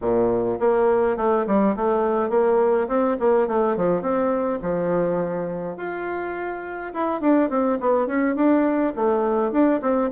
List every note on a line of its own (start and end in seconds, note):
0.01 0.58 A#2
0.59 1.16 A#3
1.16 1.45 A3
1.46 1.75 G3
1.75 2.29 A3
2.29 2.87 A#3
2.87 3.16 C4
3.19 3.47 A#3
3.47 3.76 A3
3.76 4.01 F3
4.01 4.59 C4
4.62 5.76 F3
5.76 6.92 F4
6.93 7.21 E4
7.21 7.49 D4
7.49 7.78 C4
7.80 8.06 B3
8.06 8.35 C#4
8.35 8.93 D4
8.95 9.51 A3
9.51 9.80 D4
9.81 10.10 C4